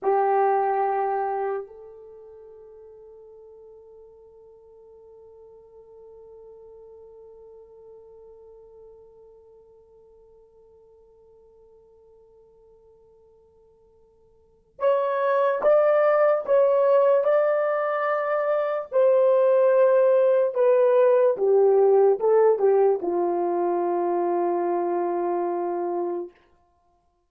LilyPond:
\new Staff \with { instrumentName = "horn" } { \time 4/4 \tempo 4 = 73 g'2 a'2~ | a'1~ | a'1~ | a'1~ |
a'2 cis''4 d''4 | cis''4 d''2 c''4~ | c''4 b'4 g'4 a'8 g'8 | f'1 | }